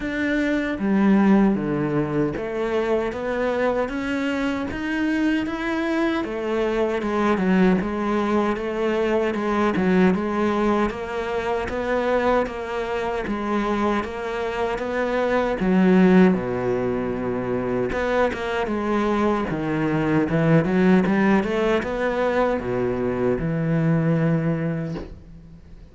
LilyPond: \new Staff \with { instrumentName = "cello" } { \time 4/4 \tempo 4 = 77 d'4 g4 d4 a4 | b4 cis'4 dis'4 e'4 | a4 gis8 fis8 gis4 a4 | gis8 fis8 gis4 ais4 b4 |
ais4 gis4 ais4 b4 | fis4 b,2 b8 ais8 | gis4 dis4 e8 fis8 g8 a8 | b4 b,4 e2 | }